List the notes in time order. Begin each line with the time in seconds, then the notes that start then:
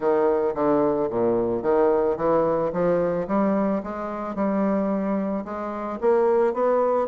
0.00 D#3
0.54 D3
1.10 A#2
1.62 D#3
2.17 E3
2.72 F3
3.27 G3
3.83 G#3
4.35 G3
5.44 G#3
6.00 A#3
6.53 B3